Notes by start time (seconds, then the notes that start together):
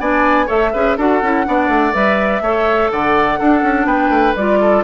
0.00 B3 D4 D5 G#5
0.46 A3 A4 C#5 E5
0.73 C#4 G#4 B4
0.97 D4 F#4 A4 F#5
1.22 C#4 E4
1.45 B3 D4 D5
1.69 A3
1.93 G3 B4 E5
2.42 A3 A4 C#5
2.92 D3 D5 F#5
3.39 D4 A4
3.63 C#4
3.86 B3 B4 G5
4.10 A3
4.36 G3 F4 D5
4.61 A4